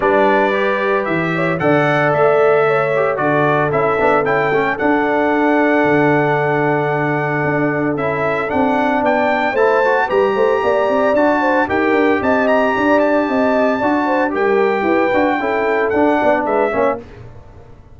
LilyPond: <<
  \new Staff \with { instrumentName = "trumpet" } { \time 4/4 \tempo 4 = 113 d''2 e''4 fis''4 | e''2 d''4 e''4 | g''4 fis''2.~ | fis''2. e''4 |
fis''4 g''4 a''4 ais''4~ | ais''4 a''4 g''4 a''8 ais''8~ | ais''8 a''2~ a''8 g''4~ | g''2 fis''4 e''4 | }
  \new Staff \with { instrumentName = "horn" } { \time 4/4 b'2~ b'8 cis''8 d''4~ | d''4 cis''4 a'2~ | a'1~ | a'1~ |
a'4 d''4 c''4 b'8 c''8 | d''4. c''8 ais'4 dis''4 | d''4 dis''4 d''8 c''8 ais'4 | b'4 a'4. d''8 b'8 cis''8 | }
  \new Staff \with { instrumentName = "trombone" } { \time 4/4 d'4 g'2 a'4~ | a'4. g'8 fis'4 e'8 d'8 | e'8 cis'8 d'2.~ | d'2. e'4 |
d'2 e'8 fis'8 g'4~ | g'4 fis'4 g'2~ | g'2 fis'4 g'4~ | g'8 fis'8 e'4 d'4. cis'8 | }
  \new Staff \with { instrumentName = "tuba" } { \time 4/4 g2 e4 d4 | a2 d4 cis'8 b8 | cis'8 a8 d'2 d4~ | d2 d'4 cis'4 |
c'4 b4 a4 g8 a8 | ais8 c'8 d'4 dis'8 d'8 c'4 | d'4 c'4 d'4 g4 | e'8 d'8 cis'4 d'8 b8 gis8 ais8 | }
>>